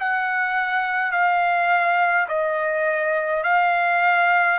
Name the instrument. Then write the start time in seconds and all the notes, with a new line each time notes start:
trumpet
0.00 F#5
1.12 F5
2.28 D#5
3.44 F5